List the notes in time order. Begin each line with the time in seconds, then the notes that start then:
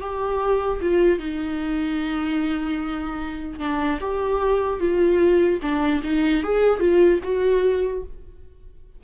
0.00 G4
0.81 F4
1.19 D#4
3.59 D4
4.00 G4
4.79 F4
5.62 D4
6.03 D#4
6.43 G#4
6.80 F4
7.23 F#4